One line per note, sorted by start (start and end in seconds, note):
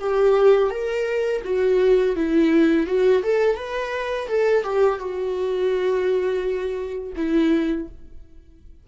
0.00 0.70 G4
0.70 1.42 A#4
1.44 2.16 F#4
2.16 2.87 E4
2.87 3.23 F#4
3.23 3.56 A4
3.56 4.28 B4
4.28 4.64 A4
4.64 4.99 G4
4.99 7.14 F#4
7.17 7.88 E4